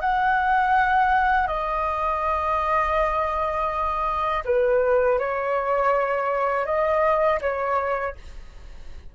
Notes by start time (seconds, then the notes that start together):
0.00 F#5
1.47 D#5
4.44 B4
5.19 C#5
6.65 D#5
7.41 C#5